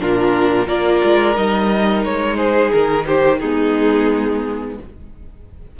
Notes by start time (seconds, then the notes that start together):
0.00 A#2 D4 F4 A#4
0.66 A#3 F4 A#4 D5
1.05 G#3
1.35 G3 D#4 D#5
2.05 G#3 C#5
2.37 G#4 C5
2.72 D#3 A#4
3.06 G4 C5
3.39 G#3 B3 D#4 G#4